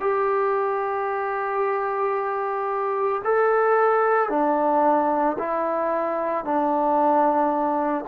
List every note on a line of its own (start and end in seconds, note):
0.00 3.21 G4
3.24 4.29 A4
4.29 5.36 D4
5.38 6.44 E4
6.44 8.05 D4